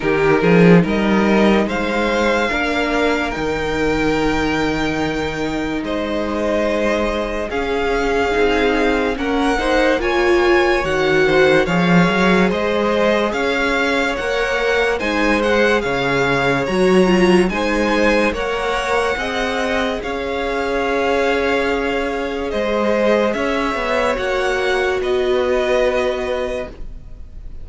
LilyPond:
<<
  \new Staff \with { instrumentName = "violin" } { \time 4/4 \tempo 4 = 72 ais'4 dis''4 f''2 | g''2. dis''4~ | dis''4 f''2 fis''4 | gis''4 fis''4 f''4 dis''4 |
f''4 fis''4 gis''8 fis''8 f''4 | ais''4 gis''4 fis''2 | f''2. dis''4 | e''4 fis''4 dis''2 | }
  \new Staff \with { instrumentName = "violin" } { \time 4/4 g'8 gis'8 ais'4 c''4 ais'4~ | ais'2. c''4~ | c''4 gis'2 ais'8 c''8 | cis''4. c''8 cis''4 c''4 |
cis''2 c''4 cis''4~ | cis''4 c''4 cis''4 dis''4 | cis''2. c''4 | cis''2 b'2 | }
  \new Staff \with { instrumentName = "viola" } { \time 4/4 dis'2. d'4 | dis'1~ | dis'4 cis'4 dis'4 cis'8 dis'8 | f'4 fis'4 gis'2~ |
gis'4 ais'4 dis'8 gis'4. | fis'8 f'8 dis'4 ais'4 gis'4~ | gis'1~ | gis'4 fis'2. | }
  \new Staff \with { instrumentName = "cello" } { \time 4/4 dis8 f8 g4 gis4 ais4 | dis2. gis4~ | gis4 cis'4 c'4 ais4~ | ais4 dis4 f8 fis8 gis4 |
cis'4 ais4 gis4 cis4 | fis4 gis4 ais4 c'4 | cis'2. gis4 | cis'8 b8 ais4 b2 | }
>>